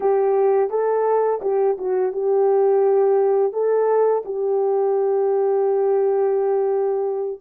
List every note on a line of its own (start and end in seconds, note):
0.00 0.69 G4
0.69 1.40 A4
1.41 1.76 G4
1.78 2.12 F#4
2.12 3.52 G4
3.52 4.23 A4
4.25 7.41 G4